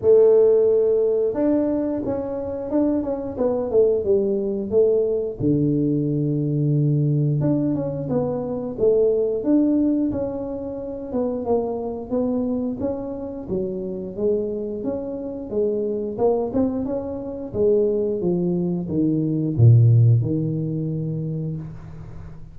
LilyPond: \new Staff \with { instrumentName = "tuba" } { \time 4/4 \tempo 4 = 89 a2 d'4 cis'4 | d'8 cis'8 b8 a8 g4 a4 | d2. d'8 cis'8 | b4 a4 d'4 cis'4~ |
cis'8 b8 ais4 b4 cis'4 | fis4 gis4 cis'4 gis4 | ais8 c'8 cis'4 gis4 f4 | dis4 ais,4 dis2 | }